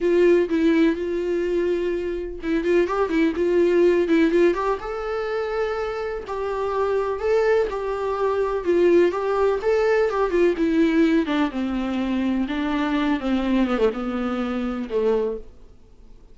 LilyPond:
\new Staff \with { instrumentName = "viola" } { \time 4/4 \tempo 4 = 125 f'4 e'4 f'2~ | f'4 e'8 f'8 g'8 e'8 f'4~ | f'8 e'8 f'8 g'8 a'2~ | a'4 g'2 a'4 |
g'2 f'4 g'4 | a'4 g'8 f'8 e'4. d'8 | c'2 d'4. c'8~ | c'8 b16 a16 b2 a4 | }